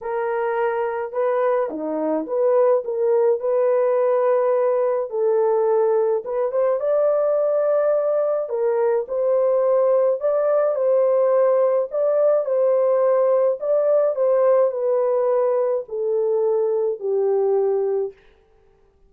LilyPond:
\new Staff \with { instrumentName = "horn" } { \time 4/4 \tempo 4 = 106 ais'2 b'4 dis'4 | b'4 ais'4 b'2~ | b'4 a'2 b'8 c''8 | d''2. ais'4 |
c''2 d''4 c''4~ | c''4 d''4 c''2 | d''4 c''4 b'2 | a'2 g'2 | }